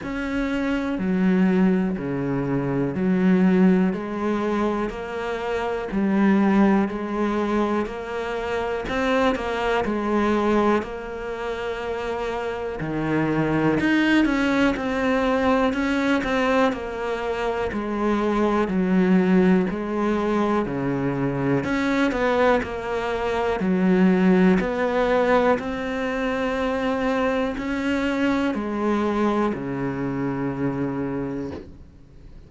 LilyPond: \new Staff \with { instrumentName = "cello" } { \time 4/4 \tempo 4 = 61 cis'4 fis4 cis4 fis4 | gis4 ais4 g4 gis4 | ais4 c'8 ais8 gis4 ais4~ | ais4 dis4 dis'8 cis'8 c'4 |
cis'8 c'8 ais4 gis4 fis4 | gis4 cis4 cis'8 b8 ais4 | fis4 b4 c'2 | cis'4 gis4 cis2 | }